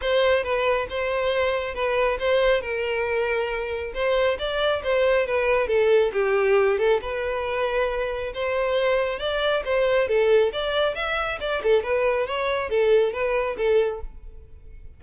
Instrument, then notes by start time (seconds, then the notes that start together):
violin
0.01 C5
0.43 B4
0.89 C5
1.74 B4
2.19 C5
2.61 A#4
3.94 C5
4.38 D5
4.83 C5
5.26 B4
5.67 A4
6.12 G4
6.78 A4
7.01 B4
8.34 C5
9.19 D5
9.64 C5
10.08 A4
10.52 D5
10.95 E5
11.40 D5
11.62 A4
11.83 B4
12.26 C#5
12.69 A4
13.12 B4
13.57 A4